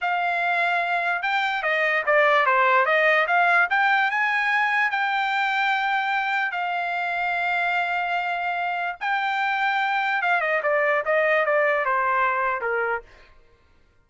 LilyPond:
\new Staff \with { instrumentName = "trumpet" } { \time 4/4 \tempo 4 = 147 f''2. g''4 | dis''4 d''4 c''4 dis''4 | f''4 g''4 gis''2 | g''1 |
f''1~ | f''2 g''2~ | g''4 f''8 dis''8 d''4 dis''4 | d''4 c''2 ais'4 | }